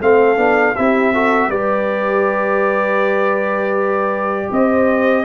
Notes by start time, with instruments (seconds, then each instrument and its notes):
0.00 tuba A3, trombone C4, horn A4, trumpet F5
0.36 tuba B3, trombone D4
0.75 tuba C4, trombone E4, horn G4, trumpet E5
1.13 trombone F#4, horn A4
1.48 tuba G3, trombone G4, horn B4, trumpet D5
4.50 tuba C4, horn C5, trumpet D#5